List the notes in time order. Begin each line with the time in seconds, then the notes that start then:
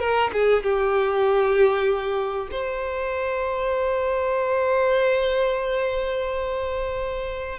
0.00 A#4
0.33 G#4
0.64 G4
2.51 C5